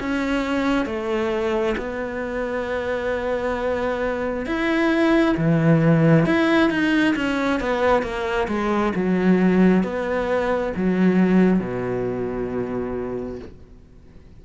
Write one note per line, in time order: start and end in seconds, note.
0.00 0.86 C#4
0.86 1.75 A3
1.77 4.46 B3
4.46 5.36 E4
5.37 6.26 E3
6.26 6.70 E4
6.70 7.15 D#4
7.16 7.60 C#4
7.60 8.03 B3
8.03 8.47 A#3
8.48 8.93 G#3
8.96 9.83 F#3
9.83 10.73 B3
10.76 11.60 F#3
11.60 13.39 B2